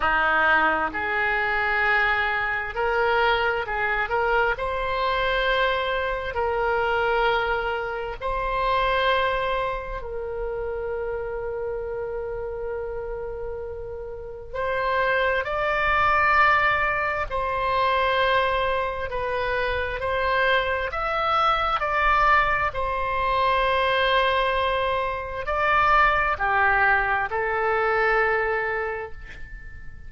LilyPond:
\new Staff \with { instrumentName = "oboe" } { \time 4/4 \tempo 4 = 66 dis'4 gis'2 ais'4 | gis'8 ais'8 c''2 ais'4~ | ais'4 c''2 ais'4~ | ais'1 |
c''4 d''2 c''4~ | c''4 b'4 c''4 e''4 | d''4 c''2. | d''4 g'4 a'2 | }